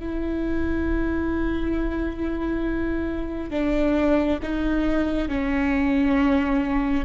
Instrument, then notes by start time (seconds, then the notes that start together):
viola
0.00 E4
3.51 D4
4.43 D#4
5.29 C#4